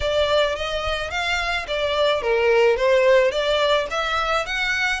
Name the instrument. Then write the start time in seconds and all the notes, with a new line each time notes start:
violin
0.00 D5
0.55 D#5
1.10 F5
1.67 D5
2.22 A#4
2.76 C5
3.31 D5
3.90 E5
4.46 F#5